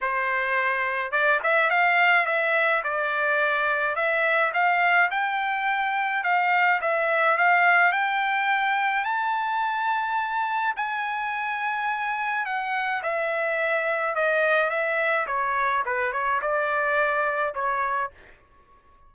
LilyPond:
\new Staff \with { instrumentName = "trumpet" } { \time 4/4 \tempo 4 = 106 c''2 d''8 e''8 f''4 | e''4 d''2 e''4 | f''4 g''2 f''4 | e''4 f''4 g''2 |
a''2. gis''4~ | gis''2 fis''4 e''4~ | e''4 dis''4 e''4 cis''4 | b'8 cis''8 d''2 cis''4 | }